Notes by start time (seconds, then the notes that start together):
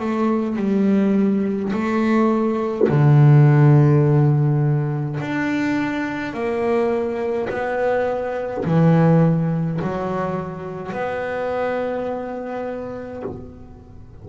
0.00 A3
0.57 G3
1.73 A3
2.89 D3
5.20 D4
6.34 A#3
7.49 B3
8.65 E3
9.82 F#3
10.92 B3